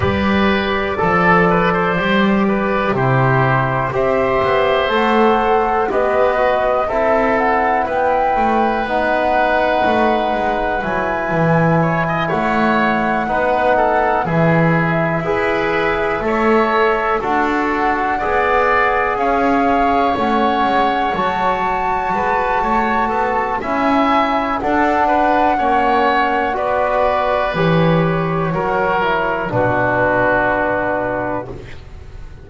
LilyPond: <<
  \new Staff \with { instrumentName = "flute" } { \time 4/4 \tempo 4 = 61 d''2. c''4 | e''4 fis''4 dis''4 e''8 fis''8 | g''4 fis''2 gis''4~ | gis''8 fis''2 e''4.~ |
e''4. fis''2 f''8~ | f''8 fis''4 a''2~ a''8 | gis''4 fis''2 d''4 | cis''2 b'2 | }
  \new Staff \with { instrumentName = "oboe" } { \time 4/4 b'4 a'8 b'16 c''8. b'8 g'4 | c''2 b'4 a'4 | b'1 | cis''16 dis''16 cis''4 b'8 a'8 gis'4 b'8~ |
b'8 cis''4 a'4 d''4 cis''8~ | cis''2~ cis''8 b'8 cis''8 a'8 | e''4 a'8 b'8 cis''4 b'4~ | b'4 ais'4 fis'2 | }
  \new Staff \with { instrumentName = "trombone" } { \time 4/4 g'4 a'4 g'4 e'4 | g'4 a'4 g'8 fis'8 e'4~ | e'4 dis'2 e'4~ | e'4. dis'4 e'4 gis'8~ |
gis'8 a'4 fis'4 gis'4.~ | gis'8 cis'4 fis'2~ fis'8 | e'4 d'4 cis'4 fis'4 | g'4 fis'8 e'8 d'2 | }
  \new Staff \with { instrumentName = "double bass" } { \time 4/4 g4 f4 g4 c4 | c'8 b8 a4 b4 c'4 | b8 a8 b4 a8 gis8 fis8 e8~ | e8 a4 b4 e4 e'8~ |
e'8 a4 d'4 b4 cis'8~ | cis'8 a8 gis8 fis4 gis8 a8 b8 | cis'4 d'4 ais4 b4 | e4 fis4 b,2 | }
>>